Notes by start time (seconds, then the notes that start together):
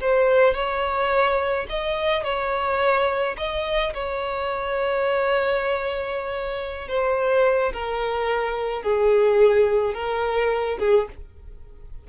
0.00 C5
0.54 C#5
1.69 D#5
2.24 C#5
3.37 D#5
3.94 C#5
6.88 C5
7.73 A#4
8.82 G#4
9.94 A#4
10.79 G#4